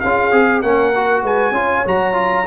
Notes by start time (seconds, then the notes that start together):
0.00 C#4 F4 G#4 F5
0.31 C4 G#4
0.62 A#3 C#4 A#4 F#5
0.95 F#4
1.22 G#3 B4 G#5
1.51 C#4 F4
1.57 C#5
1.85 F#3 F#4 A#5
2.13 F4